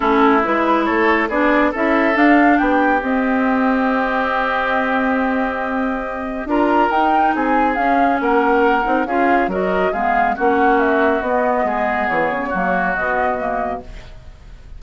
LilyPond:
<<
  \new Staff \with { instrumentName = "flute" } { \time 4/4 \tempo 4 = 139 a'4 b'4 cis''4 d''4 | e''4 f''4 g''4 dis''4~ | dis''1~ | dis''2. ais''4 |
g''4 gis''4 f''4 fis''4~ | fis''4 f''4 dis''4 f''4 | fis''4 e''4 dis''2 | cis''2 dis''2 | }
  \new Staff \with { instrumentName = "oboe" } { \time 4/4 e'2 a'4 gis'4 | a'2 g'2~ | g'1~ | g'2. ais'4~ |
ais'4 gis'2 ais'4~ | ais'4 gis'4 ais'4 gis'4 | fis'2. gis'4~ | gis'4 fis'2. | }
  \new Staff \with { instrumentName = "clarinet" } { \time 4/4 cis'4 e'2 d'4 | e'4 d'2 c'4~ | c'1~ | c'2. f'4 |
dis'2 cis'2~ | cis'8 dis'8 f'4 fis'4 b4 | cis'2 b2~ | b4 ais4 b4 ais4 | }
  \new Staff \with { instrumentName = "bassoon" } { \time 4/4 a4 gis4 a4 b4 | cis'4 d'4 b4 c'4~ | c'1~ | c'2. d'4 |
dis'4 c'4 cis'4 ais4~ | ais8 c'8 cis'4 fis4 gis4 | ais2 b4 gis4 | e8 cis8 fis4 b,2 | }
>>